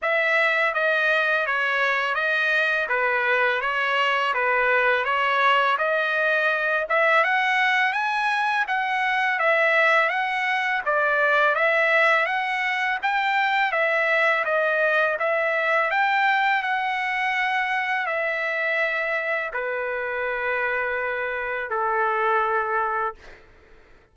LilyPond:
\new Staff \with { instrumentName = "trumpet" } { \time 4/4 \tempo 4 = 83 e''4 dis''4 cis''4 dis''4 | b'4 cis''4 b'4 cis''4 | dis''4. e''8 fis''4 gis''4 | fis''4 e''4 fis''4 d''4 |
e''4 fis''4 g''4 e''4 | dis''4 e''4 g''4 fis''4~ | fis''4 e''2 b'4~ | b'2 a'2 | }